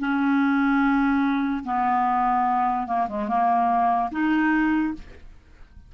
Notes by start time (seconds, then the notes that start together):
0.00 C#4
1.64 B3
2.87 A#3
3.09 G#3
3.28 A#3
4.12 D#4